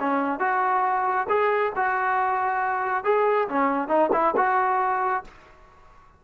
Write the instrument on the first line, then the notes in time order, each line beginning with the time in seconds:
trombone
0.00 C#4
0.39 F#4
1.29 G#4
1.76 F#4
3.04 G#4
3.49 C#4
3.88 D#4
4.13 E4
4.37 F#4